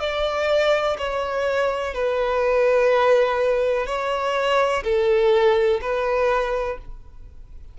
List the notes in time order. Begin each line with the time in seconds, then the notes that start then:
0.00 D5
0.98 C#5
1.94 B4
3.86 C#5
4.83 A4
5.82 B4